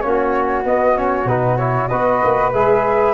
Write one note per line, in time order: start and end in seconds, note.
0.00 0.64 A#3
0.00 0.64 C#4
0.00 1.89 F#4
0.00 0.62 C#5
0.64 0.95 B3
0.64 1.24 B3
0.64 0.97 D#5
0.95 1.27 C#4
0.95 1.27 C#5
1.24 1.87 B2
1.24 1.58 D#4
1.24 1.57 B4
1.57 1.90 E4
1.57 1.88 C#5
1.88 2.23 B3
1.88 2.54 F#4
1.88 3.13 B4
1.88 2.50 D#5
2.23 2.53 A#3
2.52 3.13 G#3
2.52 3.13 G#4
2.52 3.13 E5